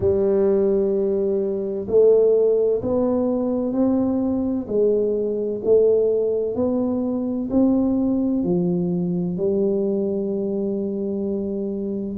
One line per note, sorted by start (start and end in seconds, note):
0.00 1.87 G3
1.87 2.81 A3
2.82 3.72 B3
3.72 4.66 C4
4.67 5.61 G#3
5.64 6.55 A3
6.55 7.49 B3
7.50 8.43 C4
8.43 9.37 F3
9.37 12.17 G3